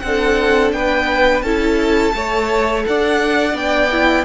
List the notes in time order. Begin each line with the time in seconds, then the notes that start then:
0.00 C4 D4 F#5
0.06 A4
0.72 B3 B4 G5
1.42 C#4 E4 A4 A5
2.13 A3 A4 C#5
2.86 D4 D5 F#5
3.52 B3 D4 G5
3.91 E4